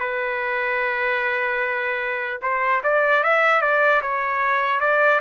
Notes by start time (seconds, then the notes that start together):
0.00 B4
2.42 C5
2.83 D5
3.24 E5
3.61 D5
4.02 C#5
4.80 D5